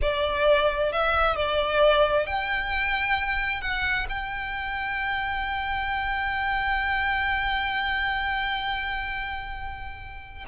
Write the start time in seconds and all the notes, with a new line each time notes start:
0.01 D5
0.92 E5
1.35 D5
2.26 G5
3.61 F#5
4.09 G5